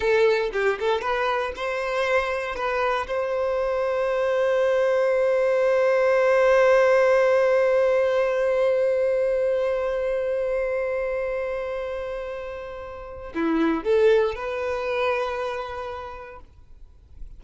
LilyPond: \new Staff \with { instrumentName = "violin" } { \time 4/4 \tempo 4 = 117 a'4 g'8 a'8 b'4 c''4~ | c''4 b'4 c''2~ | c''1~ | c''1~ |
c''1~ | c''1~ | c''2 e'4 a'4 | b'1 | }